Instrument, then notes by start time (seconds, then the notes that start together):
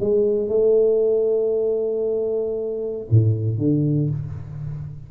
tuba
0.00 G#3
0.48 A3
3.11 A2
3.58 D3